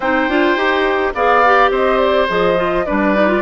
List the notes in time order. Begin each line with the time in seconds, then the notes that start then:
0.00 C4 D#4 C5 G5
0.28 D4 F4
0.56 D#4 G4
1.13 B3 G#4 D5 F5
1.45 G4
1.70 C4 C5 D#5
1.98 D5
2.28 F3 G#4 D#5
2.56 F4
2.85 G3 D4 B4 D5
3.15 D#4
3.27 F4